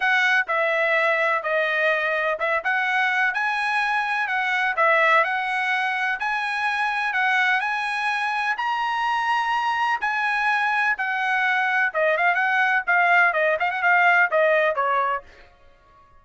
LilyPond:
\new Staff \with { instrumentName = "trumpet" } { \time 4/4 \tempo 4 = 126 fis''4 e''2 dis''4~ | dis''4 e''8 fis''4. gis''4~ | gis''4 fis''4 e''4 fis''4~ | fis''4 gis''2 fis''4 |
gis''2 ais''2~ | ais''4 gis''2 fis''4~ | fis''4 dis''8 f''8 fis''4 f''4 | dis''8 f''16 fis''16 f''4 dis''4 cis''4 | }